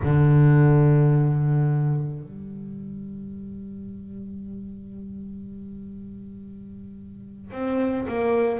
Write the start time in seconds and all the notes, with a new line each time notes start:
0.03 D3
2.23 G3
7.51 C4
8.08 A#3